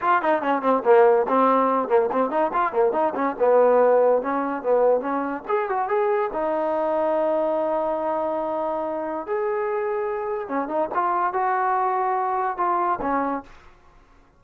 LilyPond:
\new Staff \with { instrumentName = "trombone" } { \time 4/4 \tempo 4 = 143 f'8 dis'8 cis'8 c'8 ais4 c'4~ | c'8 ais8 c'8 dis'8 f'8 ais8 dis'8 cis'8 | b2 cis'4 b4 | cis'4 gis'8 fis'8 gis'4 dis'4~ |
dis'1~ | dis'2 gis'2~ | gis'4 cis'8 dis'8 f'4 fis'4~ | fis'2 f'4 cis'4 | }